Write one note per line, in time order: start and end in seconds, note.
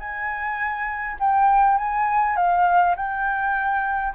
0.00 1.18 G#5
1.20 1.78 G5
1.78 2.37 G#5
2.37 2.96 F5
2.97 4.14 G5